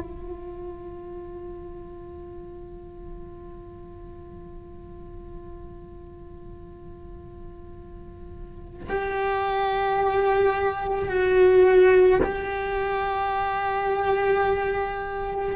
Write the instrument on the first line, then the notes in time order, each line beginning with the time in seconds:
cello
0.00 F4
8.89 G4
11.09 F#4
12.23 G4